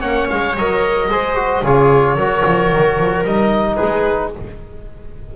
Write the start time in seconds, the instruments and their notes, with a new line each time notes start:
0.00 double bass A#3, trombone C#4, viola C#5, oboe F#5
0.29 double bass G#3, oboe F5
0.57 double bass F#3, trombone A#4, oboe D#5
1.08 double bass G#3, trombone G#4, viola C5
1.36 trombone F#4
1.62 double bass C#3, trombone F4, viola G#4, oboe C#5
2.16 double bass F#3, trombone F#4, viola A#4
2.46 double bass F3
2.72 double bass D#3
2.98 double bass F3
3.24 double bass G3, trombone D#4, oboe D#5
3.76 viola G#4, oboe B4
3.82 double bass G#3